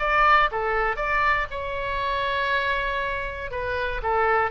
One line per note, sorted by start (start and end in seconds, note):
0.00 0.50 D5
0.52 0.96 A4
0.96 1.47 D5
1.51 3.51 C#5
3.51 4.02 B4
4.03 4.51 A4